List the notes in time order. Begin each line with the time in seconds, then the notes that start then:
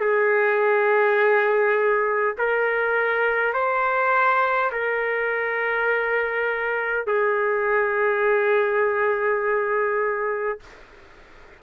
0.00 G#4
2.37 A#4
3.53 C5
4.72 A#4
7.07 G#4